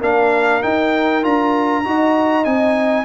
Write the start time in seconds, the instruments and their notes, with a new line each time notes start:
0.00 tuba A#3, trombone D4, horn A#4, trumpet F5
0.62 trombone D#4, tuba D#4, trumpet G5
1.23 tuba D4, trombone F4, trumpet A#5
1.84 tuba D#4, trombone F#4, horn D#5
2.45 tuba C4, trombone D#4, trumpet G#5